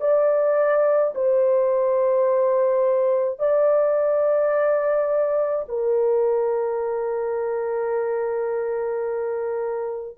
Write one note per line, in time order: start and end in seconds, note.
0.00 1.13 D5
1.15 3.39 C5
3.39 5.66 D5
5.68 10.17 A#4